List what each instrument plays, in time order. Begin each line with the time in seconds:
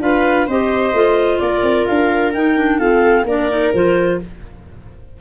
0.00 tuba D4, clarinet F4 F5, viola B4
0.47 tuba C4, clarinet G4 D#5, viola C5
0.93 tuba A3, clarinet F4
1.39 tuba A#3, viola A#4, clarinet D5
1.62 tuba C4
1.86 tuba D4, clarinet F5
2.33 tuba D#4, clarinet D#4 G5
2.56 clarinet D4
2.79 clarinet C4 F5, tuba F4, viola A4
3.24 tuba A#3, clarinet D4 D5, viola A#4
3.49 clarinet D#4
3.73 tuba F3, clarinet F4 C5